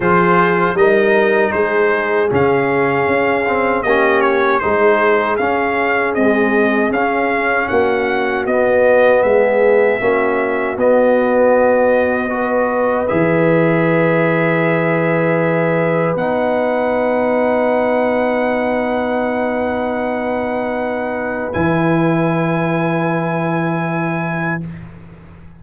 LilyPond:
<<
  \new Staff \with { instrumentName = "trumpet" } { \time 4/4 \tempo 4 = 78 c''4 dis''4 c''4 f''4~ | f''4 dis''8 cis''8 c''4 f''4 | dis''4 f''4 fis''4 dis''4 | e''2 dis''2~ |
dis''4 e''2.~ | e''4 fis''2.~ | fis''1 | gis''1 | }
  \new Staff \with { instrumentName = "horn" } { \time 4/4 gis'4 ais'4 gis'2~ | gis'4 g'4 gis'2~ | gis'2 fis'2 | gis'4 fis'2. |
b'1~ | b'1~ | b'1~ | b'1 | }
  \new Staff \with { instrumentName = "trombone" } { \time 4/4 f'4 dis'2 cis'4~ | cis'8 c'8 cis'4 dis'4 cis'4 | gis4 cis'2 b4~ | b4 cis'4 b2 |
fis'4 gis'2.~ | gis'4 dis'2.~ | dis'1 | e'1 | }
  \new Staff \with { instrumentName = "tuba" } { \time 4/4 f4 g4 gis4 cis4 | cis'4 ais4 gis4 cis'4 | c'4 cis'4 ais4 b4 | gis4 ais4 b2~ |
b4 e2.~ | e4 b2.~ | b1 | e1 | }
>>